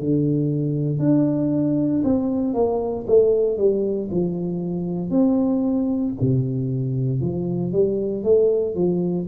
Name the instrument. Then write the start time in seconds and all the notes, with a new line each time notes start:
tuba
0.00 D3
1.00 D4
2.04 C4
2.54 A#3
3.07 A3
3.58 G3
4.11 F3
5.11 C4
6.21 C3
7.21 F3
7.73 G3
8.24 A3
8.76 F3